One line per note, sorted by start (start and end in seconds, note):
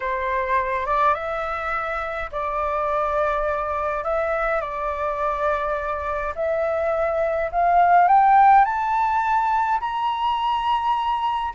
0.00 0.85 C5
0.85 1.14 D5
1.14 2.29 E5
2.31 4.04 D5
4.04 4.60 E5
4.60 6.34 D5
6.35 7.50 E5
7.51 8.07 F5
8.07 8.64 G5
8.64 9.80 A5
9.80 11.53 A#5